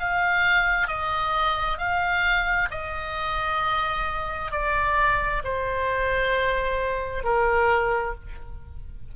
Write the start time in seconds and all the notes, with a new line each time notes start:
0.00 F5
0.88 D#5
1.78 F5
2.71 D#5
4.52 D5
5.44 C5
7.24 A#4